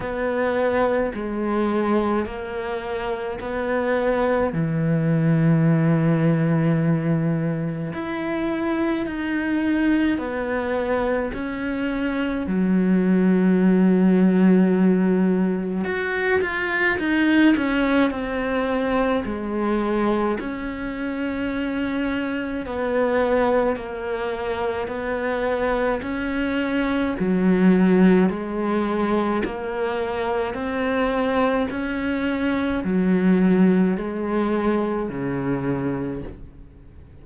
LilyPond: \new Staff \with { instrumentName = "cello" } { \time 4/4 \tempo 4 = 53 b4 gis4 ais4 b4 | e2. e'4 | dis'4 b4 cis'4 fis4~ | fis2 fis'8 f'8 dis'8 cis'8 |
c'4 gis4 cis'2 | b4 ais4 b4 cis'4 | fis4 gis4 ais4 c'4 | cis'4 fis4 gis4 cis4 | }